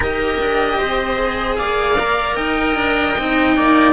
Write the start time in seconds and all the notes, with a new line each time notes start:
0.00 D#4 G4 A#4 D#5
0.39 D4
0.77 C4 C5
1.16 G#4
1.56 A#3 D5 F5
1.99 A#4
2.35 D#4 D#5 G5
2.75 D4
3.18 C4 D#4
3.56 A#3 D5